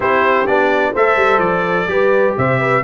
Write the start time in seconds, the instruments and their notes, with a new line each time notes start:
0.00 tuba C4, trombone E4, horn G4, trumpet C5
0.46 tuba B3, trombone D4, trumpet D5
0.92 tuba A3, trombone A4, horn C5, trumpet E5
1.16 tuba G3
1.38 tuba F3, trumpet D5
1.87 tuba G3, trombone G4, horn B4
2.37 tuba C3, horn C5, trumpet E5
2.59 horn B4